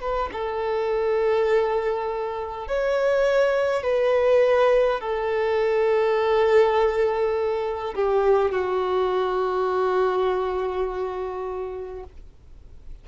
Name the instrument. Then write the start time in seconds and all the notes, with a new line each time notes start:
violin
0.00 B4
0.32 A4
2.67 C#5
3.83 B4
5.00 A4
7.95 G4
8.51 F#4